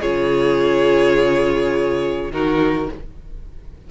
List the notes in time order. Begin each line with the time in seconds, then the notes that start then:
0.00 C#3 F4 G#4 C#5
2.31 D#3 D#4 F#4 A#4